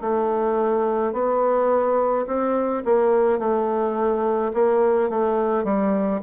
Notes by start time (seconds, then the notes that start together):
0.00 A3
1.12 B3
2.26 C4
2.84 A#3
3.38 A3
4.53 A#3
5.09 A3
5.63 G3